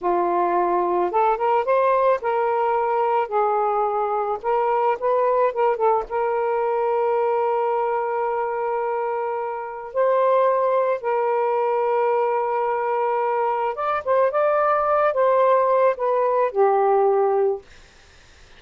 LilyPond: \new Staff \with { instrumentName = "saxophone" } { \time 4/4 \tempo 4 = 109 f'2 a'8 ais'8 c''4 | ais'2 gis'2 | ais'4 b'4 ais'8 a'8 ais'4~ | ais'1~ |
ais'2 c''2 | ais'1~ | ais'4 d''8 c''8 d''4. c''8~ | c''4 b'4 g'2 | }